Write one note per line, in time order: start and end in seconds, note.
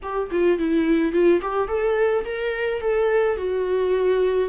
0.02 0.30 G4
0.31 0.58 F4
0.58 1.12 E4
1.12 1.40 F4
1.41 1.68 G4
1.68 2.24 A4
2.24 2.80 A#4
2.80 3.36 A4
3.36 4.49 F#4